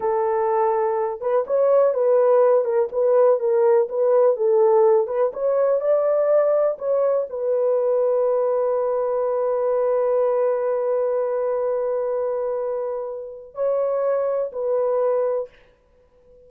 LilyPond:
\new Staff \with { instrumentName = "horn" } { \time 4/4 \tempo 4 = 124 a'2~ a'8 b'8 cis''4 | b'4. ais'8 b'4 ais'4 | b'4 a'4. b'8 cis''4 | d''2 cis''4 b'4~ |
b'1~ | b'1~ | b'1 | cis''2 b'2 | }